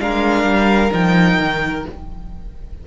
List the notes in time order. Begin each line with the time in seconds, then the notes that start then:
0.00 G#3 D4 A#4 F5
0.44 G3
0.91 F3 D#4 G5
1.39 D#3